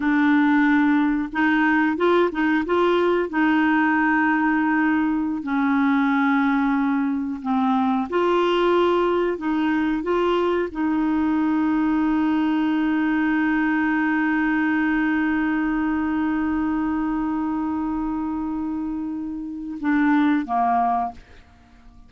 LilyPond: \new Staff \with { instrumentName = "clarinet" } { \time 4/4 \tempo 4 = 91 d'2 dis'4 f'8 dis'8 | f'4 dis'2.~ | dis'16 cis'2. c'8.~ | c'16 f'2 dis'4 f'8.~ |
f'16 dis'2.~ dis'8.~ | dis'1~ | dis'1~ | dis'2 d'4 ais4 | }